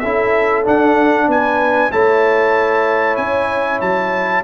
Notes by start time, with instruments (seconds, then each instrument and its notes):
0.00 tuba C#4, trombone E4, horn A4, trumpet E5
0.65 trombone D4, tuba D4, trumpet F#5
1.28 tuba B3, horn B4, trumpet G#5
1.92 tuba A3, trombone E4, horn C#5, trumpet A5
3.17 tuba C#4, trumpet G#5
3.81 tuba F#3, trumpet A5